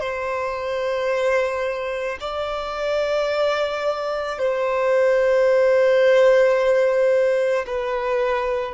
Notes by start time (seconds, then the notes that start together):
0.00 C5
2.20 D5
4.38 C5
7.67 B4